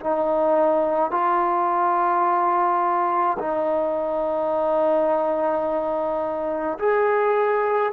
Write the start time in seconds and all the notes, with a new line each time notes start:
0.00 D#4
1.11 F4
3.39 D#4
6.79 G#4